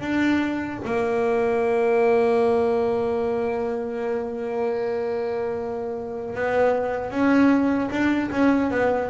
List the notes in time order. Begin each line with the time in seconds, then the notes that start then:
0.00 D4
0.84 A#3
6.34 B3
7.11 C#4
7.90 D4
8.31 C#4
8.71 B3